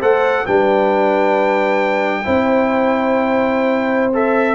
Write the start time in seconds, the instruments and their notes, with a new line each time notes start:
0.00 tuba A3, trombone A4, horn C5, trumpet F#5
0.46 tuba G3, trombone D4, horn B4, trumpet G5
2.24 tuba C4, trombone E4, horn C5
4.14 trombone A4, trumpet E5